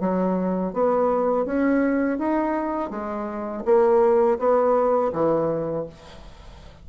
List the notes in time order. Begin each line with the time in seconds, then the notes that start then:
0.00 F#3
0.73 B3
1.45 C#4
2.18 D#4
2.90 G#3
3.65 A#3
4.39 B3
5.13 E3